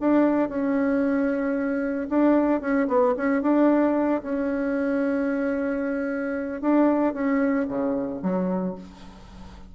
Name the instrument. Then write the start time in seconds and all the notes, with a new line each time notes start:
bassoon
0.00 D4
0.49 C#4
2.09 D4
2.61 C#4
2.88 B3
3.17 C#4
3.42 D4
4.23 C#4
6.61 D4
7.14 C#4
7.68 C#3
8.23 F#3